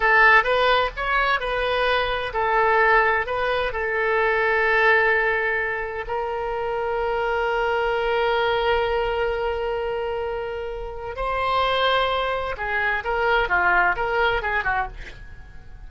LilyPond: \new Staff \with { instrumentName = "oboe" } { \time 4/4 \tempo 4 = 129 a'4 b'4 cis''4 b'4~ | b'4 a'2 b'4 | a'1~ | a'4 ais'2.~ |
ais'1~ | ais'1 | c''2. gis'4 | ais'4 f'4 ais'4 gis'8 fis'8 | }